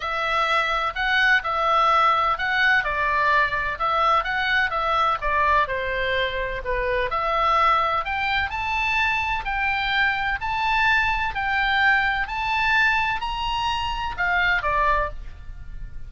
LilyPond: \new Staff \with { instrumentName = "oboe" } { \time 4/4 \tempo 4 = 127 e''2 fis''4 e''4~ | e''4 fis''4 d''2 | e''4 fis''4 e''4 d''4 | c''2 b'4 e''4~ |
e''4 g''4 a''2 | g''2 a''2 | g''2 a''2 | ais''2 f''4 d''4 | }